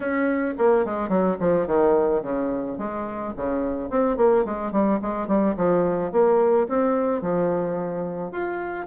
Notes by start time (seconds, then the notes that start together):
0.00 C#4
0.58 A#3
0.85 G#3
1.08 F#3
1.39 F3
1.66 D#3
2.22 C#3
2.78 G#3
3.36 C#3
3.90 C4
4.16 A#3
4.44 G#3
4.72 G3
5.01 G#3
5.27 G3
5.56 F3
6.12 A#3
6.68 C4
7.21 F3
8.31 F4